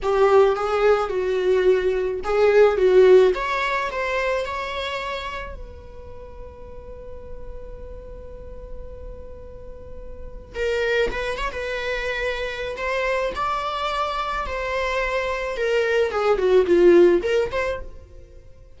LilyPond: \new Staff \with { instrumentName = "viola" } { \time 4/4 \tempo 4 = 108 g'4 gis'4 fis'2 | gis'4 fis'4 cis''4 c''4 | cis''2 b'2~ | b'1~ |
b'2. ais'4 | b'8 cis''16 b'2~ b'16 c''4 | d''2 c''2 | ais'4 gis'8 fis'8 f'4 ais'8 c''8 | }